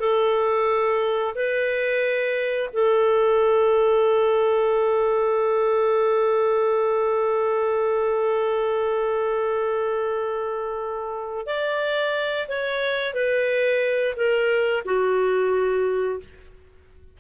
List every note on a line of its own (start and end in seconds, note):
0.00 1.35 A4
1.35 2.70 B4
2.74 11.47 A4
11.47 12.48 D5
12.49 13.14 C#5
13.14 14.15 B4
14.17 14.84 A#4
14.86 16.20 F#4